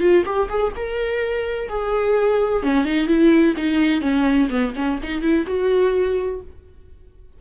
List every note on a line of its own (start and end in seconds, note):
0.00 0.24 F4
0.25 0.49 G4
0.49 0.73 G#4
0.76 1.69 A#4
1.69 2.63 G#4
2.63 2.85 C#4
2.85 3.07 D#4
3.07 3.54 E4
3.57 4.01 D#4
4.01 4.48 C#4
4.49 4.73 B3
4.75 4.99 C#4
5.03 5.21 D#4
5.21 5.45 E4
5.47 6.41 F#4